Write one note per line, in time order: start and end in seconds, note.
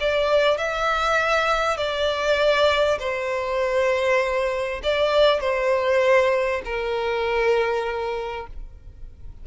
0.00 0.57 D5
0.57 1.77 E5
1.77 2.98 D5
2.99 4.81 C5
4.83 5.40 D5
5.40 6.62 C5
6.65 8.47 A#4